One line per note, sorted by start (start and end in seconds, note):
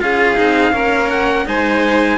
0.00 0.38 C#4
0.00 0.35 F4
0.00 0.73 G#4
0.00 1.10 F5
0.35 0.73 C4
0.35 0.72 D#4
0.72 1.46 A#3
0.72 1.45 C#4
0.72 1.46 A#4
1.10 1.46 F#5
1.45 2.17 G#3
1.45 2.17 D#4
1.45 2.17 C5
1.45 2.17 G#5